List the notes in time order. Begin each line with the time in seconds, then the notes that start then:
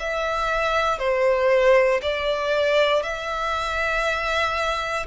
0.00 E5
0.99 C5
2.02 D5
3.03 E5